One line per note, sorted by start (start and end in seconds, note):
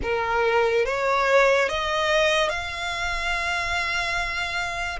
0.02 0.85 A#4
0.85 1.69 C#5
1.69 2.49 D#5
2.49 4.99 F5